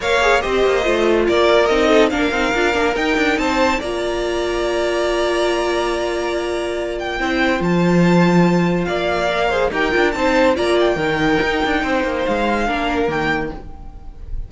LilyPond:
<<
  \new Staff \with { instrumentName = "violin" } { \time 4/4 \tempo 4 = 142 f''4 dis''2 d''4 | dis''4 f''2 g''4 | a''4 ais''2.~ | ais''1~ |
ais''8 g''4. a''2~ | a''4 f''2 g''4 | a''4 ais''8 g''2~ g''8~ | g''4 f''2 g''4 | }
  \new Staff \with { instrumentName = "violin" } { \time 4/4 cis''4 c''2 ais'4~ | ais'8 a'8 ais'2. | c''4 d''2.~ | d''1~ |
d''4 c''2.~ | c''4 d''4. c''8 ais'4 | c''4 d''4 ais'2 | c''2 ais'2 | }
  \new Staff \with { instrumentName = "viola" } { \time 4/4 ais'8 gis'8 g'4 f'2 | dis'4 d'8 dis'8 f'8 d'8 dis'4~ | dis'4 f'2.~ | f'1~ |
f'4 e'4 f'2~ | f'2 ais'8 gis'8 g'8 f'8 | dis'4 f'4 dis'2~ | dis'2 d'4 ais4 | }
  \new Staff \with { instrumentName = "cello" } { \time 4/4 ais4 c'8 ais8 a4 ais4 | c'4 ais8 c'8 d'8 ais8 dis'8 d'8 | c'4 ais2.~ | ais1~ |
ais4 c'4 f2~ | f4 ais2 dis'8 d'8 | c'4 ais4 dis4 dis'8 d'8 | c'8 ais8 gis4 ais4 dis4 | }
>>